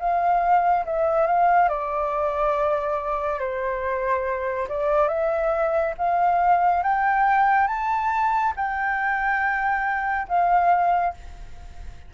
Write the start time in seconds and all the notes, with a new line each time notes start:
0.00 F5
0.86 E5
1.27 F5
1.69 D5
3.40 C5
4.69 D5
5.09 E5
5.98 F5
6.83 G5
7.68 A5
8.56 G5
10.29 F5